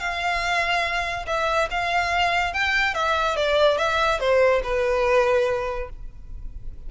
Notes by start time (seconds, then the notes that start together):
0.00 F5
1.27 E5
1.71 F5
2.53 G5
2.94 E5
3.36 D5
3.78 E5
4.20 C5
4.64 B4